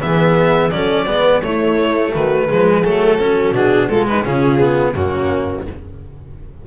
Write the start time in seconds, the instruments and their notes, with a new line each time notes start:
0.00 double bass E3, cello B3, horn G#4, violin E5
0.70 double bass F#3, cello C#4, horn A4, violin D5
1.05 double bass G#3, cello B3, horn B4
1.41 double bass A3, cello A3, horn E4, violin C#5
2.14 double bass D#3, horn F#4, violin B4
2.47 double bass F3, cello G#3, horn G#4
2.84 double bass F#3, cello A3, violin A4
3.19 cello C#4, horn F#4
3.51 double bass B2, cello D4, violin G#4
3.89 cello G#3, horn F4, violin A4
4.06 horn D#4, violin B4
4.24 double bass C#3, cello C#4, horn F4, violin G#4
4.59 cello B3
4.94 double bass F#2, cello A#3, horn C#4, violin F#4